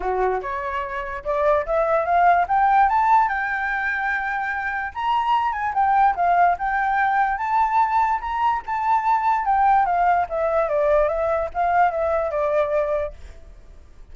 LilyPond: \new Staff \with { instrumentName = "flute" } { \time 4/4 \tempo 4 = 146 fis'4 cis''2 d''4 | e''4 f''4 g''4 a''4 | g''1 | ais''4. gis''8 g''4 f''4 |
g''2 a''2 | ais''4 a''2 g''4 | f''4 e''4 d''4 e''4 | f''4 e''4 d''2 | }